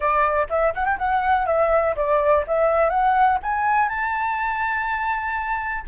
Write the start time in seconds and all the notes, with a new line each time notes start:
0.00 D5
0.49 E5
0.74 F#5
0.85 G5
0.98 F#5
1.46 E5
1.96 D5
2.47 E5
2.89 F#5
3.42 G#5
3.88 A5